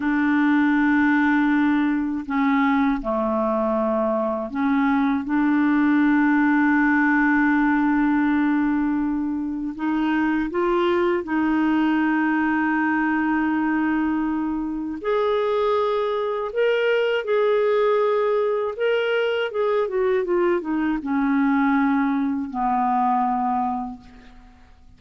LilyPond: \new Staff \with { instrumentName = "clarinet" } { \time 4/4 \tempo 4 = 80 d'2. cis'4 | a2 cis'4 d'4~ | d'1~ | d'4 dis'4 f'4 dis'4~ |
dis'1 | gis'2 ais'4 gis'4~ | gis'4 ais'4 gis'8 fis'8 f'8 dis'8 | cis'2 b2 | }